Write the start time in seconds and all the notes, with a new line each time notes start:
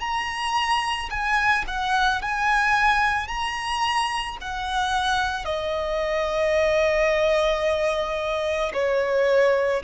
0.00 A#5
1.10 G#5
1.67 F#5
2.22 G#5
3.28 A#5
4.41 F#5
5.44 D#5
8.73 C#5